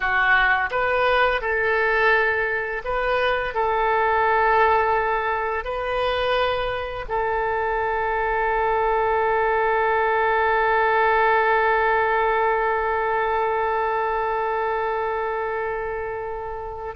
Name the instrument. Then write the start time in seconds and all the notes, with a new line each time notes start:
oboe
0.00 F#4
0.71 B4
1.41 A4
2.84 B4
3.54 A4
5.64 B4
7.08 A4